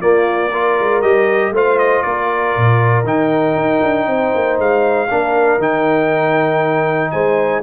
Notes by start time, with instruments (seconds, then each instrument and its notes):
0.00 trombone A#3, tuba A#3, horn F4, trumpet D5
0.50 trombone F4, horn A#4
0.80 tuba G#3
1.02 tuba G3, trombone G4, trumpet D#5
1.51 tuba A3, trombone F4, horn C5, trumpet F5
1.78 trumpet D#5
2.02 tuba A#3, horn A#4, trumpet D5
2.56 tuba A#2
3.04 tuba D#3, trombone D#4, trumpet G5
3.55 tuba D#4
3.82 tuba D4
4.06 tuba C4, horn C5
4.34 tuba A#3
4.59 tuba G#3, trumpet F5
5.09 tuba A#3, trombone D4, horn A#4
5.58 tuba D#3, trombone D#4, trumpet G5
7.11 tuba G#3, horn C5, trumpet G#5